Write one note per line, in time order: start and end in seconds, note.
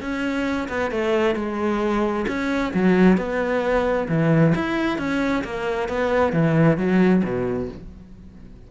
0.00 0.68 C#4
0.68 0.90 B3
0.90 1.35 A3
1.35 2.25 G#3
2.27 2.73 C#4
2.74 3.17 F#3
3.17 4.07 B3
4.08 4.53 E3
4.55 4.98 E4
4.98 5.43 C#4
5.44 5.88 A#3
5.88 6.32 B3
6.32 6.77 E3
6.77 7.22 F#3
7.23 7.68 B2